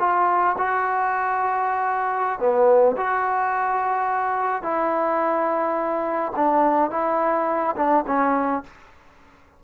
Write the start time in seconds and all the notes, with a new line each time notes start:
0.00 F4
0.58 F#4
2.40 B3
2.97 F#4
4.63 E4
6.36 D4
6.91 E4
7.77 D4
8.07 C#4